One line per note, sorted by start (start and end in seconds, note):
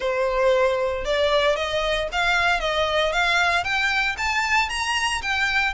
0.00 1.04 C5
1.04 1.56 D5
1.56 2.08 D#5
2.12 2.60 F5
2.60 3.12 D#5
3.12 3.64 F5
3.64 4.16 G5
4.17 4.69 A5
4.69 5.21 A#5
5.22 5.74 G5